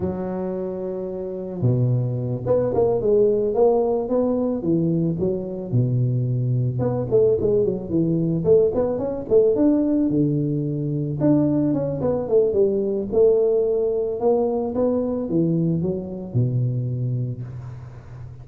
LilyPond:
\new Staff \with { instrumentName = "tuba" } { \time 4/4 \tempo 4 = 110 fis2. b,4~ | b,8 b8 ais8 gis4 ais4 b8~ | b8 e4 fis4 b,4.~ | b,8 b8 a8 gis8 fis8 e4 a8 |
b8 cis'8 a8 d'4 d4.~ | d8 d'4 cis'8 b8 a8 g4 | a2 ais4 b4 | e4 fis4 b,2 | }